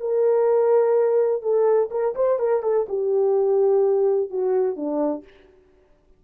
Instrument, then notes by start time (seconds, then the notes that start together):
horn
0.00 A#4
1.42 A4
1.91 A#4
2.15 C5
2.39 A#4
2.63 A4
2.89 G4
4.30 F#4
4.76 D4